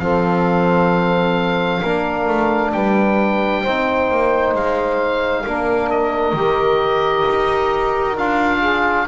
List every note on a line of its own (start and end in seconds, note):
0.00 1.82 F3
0.00 1.83 C4
0.00 1.81 A4
0.00 2.73 F5
1.81 2.28 A#3
1.81 3.66 D4
1.81 2.72 A#4
2.28 2.73 A3
2.73 3.65 G3
2.73 3.63 B4
2.73 4.55 G5
3.63 4.11 C4
3.63 5.47 D#4
3.63 5.44 C5
4.11 4.54 A#3
4.54 5.45 G#3
4.54 5.91 F5
5.44 6.33 A#3
5.44 6.37 D4
5.44 8.60 A#4
5.91 8.18 D#5
6.33 7.24 D#3
6.33 8.18 G4
7.29 8.18 D#4
8.18 9.08 D4
8.18 9.08 F4
8.18 9.08 F5
8.60 9.06 G#4